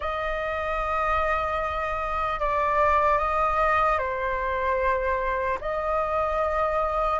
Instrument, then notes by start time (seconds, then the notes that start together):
flute
0.00 D#5
2.39 D5
3.18 D#5
3.98 C5
5.60 D#5